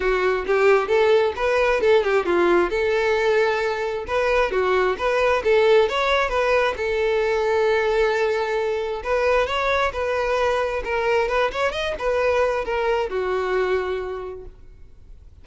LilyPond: \new Staff \with { instrumentName = "violin" } { \time 4/4 \tempo 4 = 133 fis'4 g'4 a'4 b'4 | a'8 g'8 f'4 a'2~ | a'4 b'4 fis'4 b'4 | a'4 cis''4 b'4 a'4~ |
a'1 | b'4 cis''4 b'2 | ais'4 b'8 cis''8 dis''8 b'4. | ais'4 fis'2. | }